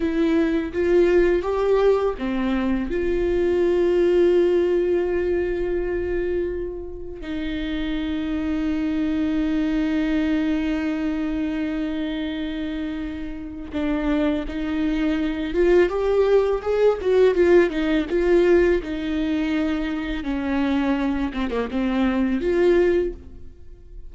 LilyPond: \new Staff \with { instrumentName = "viola" } { \time 4/4 \tempo 4 = 83 e'4 f'4 g'4 c'4 | f'1~ | f'2 dis'2~ | dis'1~ |
dis'2. d'4 | dis'4. f'8 g'4 gis'8 fis'8 | f'8 dis'8 f'4 dis'2 | cis'4. c'16 ais16 c'4 f'4 | }